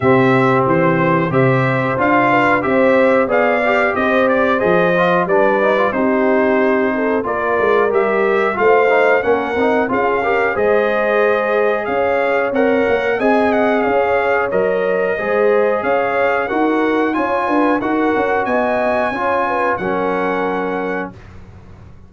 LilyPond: <<
  \new Staff \with { instrumentName = "trumpet" } { \time 4/4 \tempo 4 = 91 e''4 c''4 e''4 f''4 | e''4 f''4 dis''8 d''8 dis''4 | d''4 c''2 d''4 | e''4 f''4 fis''4 f''4 |
dis''2 f''4 fis''4 | gis''8 fis''8 f''4 dis''2 | f''4 fis''4 gis''4 fis''4 | gis''2 fis''2 | }
  \new Staff \with { instrumentName = "horn" } { \time 4/4 g'2 c''4. b'8 | c''4 d''4 c''2 | b'4 g'4. a'8 ais'4~ | ais'4 c''4 ais'4 gis'8 ais'8 |
c''2 cis''2 | dis''4 cis''2 c''4 | cis''4 ais'4 cis''8 b'8 ais'4 | dis''4 cis''8 b'8 ais'2 | }
  \new Staff \with { instrumentName = "trombone" } { \time 4/4 c'2 g'4 f'4 | g'4 gis'8 g'4. gis'8 f'8 | d'8 dis'16 f'16 dis'2 f'4 | g'4 f'8 dis'8 cis'8 dis'8 f'8 g'8 |
gis'2. ais'4 | gis'2 ais'4 gis'4~ | gis'4 fis'4 f'4 fis'4~ | fis'4 f'4 cis'2 | }
  \new Staff \with { instrumentName = "tuba" } { \time 4/4 c4 e4 c4 d'4 | c'4 b4 c'4 f4 | g4 c'2 ais8 gis8 | g4 a4 ais8 c'8 cis'4 |
gis2 cis'4 c'8 ais8 | c'4 cis'4 fis4 gis4 | cis'4 dis'4 cis'8 d'8 dis'8 cis'8 | b4 cis'4 fis2 | }
>>